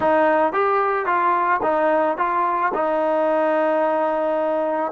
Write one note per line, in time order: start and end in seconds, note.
0.00 0.53 D#4
0.53 1.05 G4
1.05 1.60 F4
1.62 2.17 D#4
2.17 2.72 F4
2.73 4.92 D#4